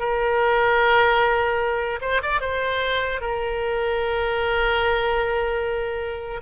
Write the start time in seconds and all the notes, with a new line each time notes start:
0.00 A#4
2.02 C5
2.23 D5
2.41 C5
3.21 A#4